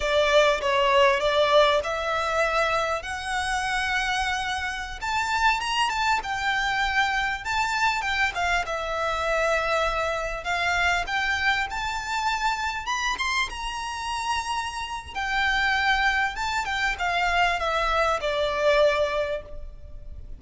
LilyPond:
\new Staff \with { instrumentName = "violin" } { \time 4/4 \tempo 4 = 99 d''4 cis''4 d''4 e''4~ | e''4 fis''2.~ | fis''16 a''4 ais''8 a''8 g''4.~ g''16~ | g''16 a''4 g''8 f''8 e''4.~ e''16~ |
e''4~ e''16 f''4 g''4 a''8.~ | a''4~ a''16 b''8 c'''8 ais''4.~ ais''16~ | ais''4 g''2 a''8 g''8 | f''4 e''4 d''2 | }